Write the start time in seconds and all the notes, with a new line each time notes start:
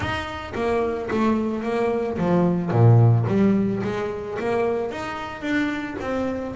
0.00 D#4
0.54 A#3
1.10 A3
1.63 A#3
2.18 F3
2.71 A#2
3.27 G3
3.83 G#3
4.39 A#3
4.91 D#4
5.41 D4
6.00 C4